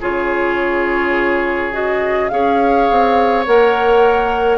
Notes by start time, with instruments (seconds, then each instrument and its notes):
0.00 bassoon C#3, clarinet F4, oboe G#4, flute C#5
1.72 clarinet F#4, flute D#5
2.28 bassoon C#4, clarinet G#4, oboe C#5, flute F5
2.90 bassoon C4
3.46 bassoon A#3, clarinet A#4, flute F#5